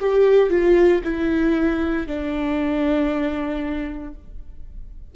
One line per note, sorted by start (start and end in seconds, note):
0.00 0.50 G4
0.50 1.02 F4
1.04 2.07 E4
2.07 4.14 D4